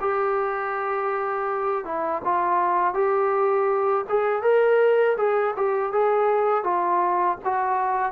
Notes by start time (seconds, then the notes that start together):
0.00 G4
1.85 E4
2.24 F4
2.94 G4
4.09 G#4
4.42 A#4
5.17 G#4
5.57 G4
5.92 G#4
6.64 F4
7.44 F#4